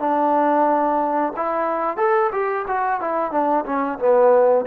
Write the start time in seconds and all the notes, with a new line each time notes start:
0.00 D4
1.36 E4
1.98 A4
2.33 G4
2.68 F#4
3.01 E4
3.32 D4
3.65 C#4
3.99 B3